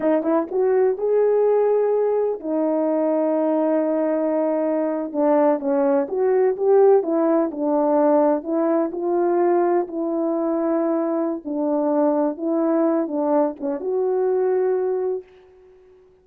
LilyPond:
\new Staff \with { instrumentName = "horn" } { \time 4/4 \tempo 4 = 126 dis'8 e'8 fis'4 gis'2~ | gis'4 dis'2.~ | dis'2~ dis'8. d'4 cis'16~ | cis'8. fis'4 g'4 e'4 d'16~ |
d'4.~ d'16 e'4 f'4~ f'16~ | f'8. e'2.~ e'16 | d'2 e'4. d'8~ | d'8 cis'8 fis'2. | }